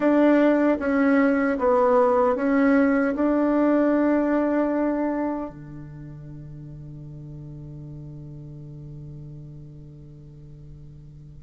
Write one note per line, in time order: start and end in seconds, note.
0.00 0.78 D4
0.79 1.58 C#4
1.58 2.35 B3
2.35 3.14 C#4
3.15 5.50 D4
5.50 11.42 D3